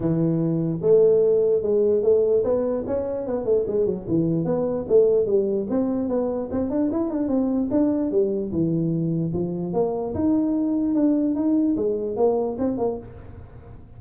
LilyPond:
\new Staff \with { instrumentName = "tuba" } { \time 4/4 \tempo 4 = 148 e2 a2 | gis4 a4 b4 cis'4 | b8 a8 gis8 fis8 e4 b4 | a4 g4 c'4 b4 |
c'8 d'8 e'8 d'8 c'4 d'4 | g4 e2 f4 | ais4 dis'2 d'4 | dis'4 gis4 ais4 c'8 ais8 | }